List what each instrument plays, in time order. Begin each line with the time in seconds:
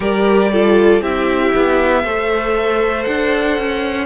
0.00 cello G3, viola G4, violin A#4 D5
0.51 viola F4, violin A4
1.00 cello C4, viola E4, violin G4 E5
1.55 cello B3
2.03 cello A3, viola A4, violin C5
3.03 cello D4, violin F#5
3.57 cello C#4